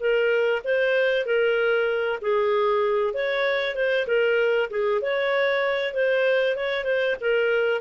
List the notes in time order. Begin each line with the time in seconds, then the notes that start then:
0.00 A#4
0.64 C5
1.26 A#4
2.22 G#4
3.14 C#5
3.76 C5
4.07 A#4
4.70 G#4
5.01 C#5
5.94 C5
6.56 C#5
6.85 C5
7.21 A#4